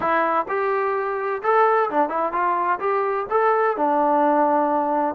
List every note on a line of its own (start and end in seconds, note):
0.00 0.46 E4
0.48 1.42 G4
1.42 1.89 A4
1.90 2.09 D4
2.09 2.32 E4
2.32 2.79 F4
2.79 3.26 G4
3.30 3.76 A4
3.76 5.15 D4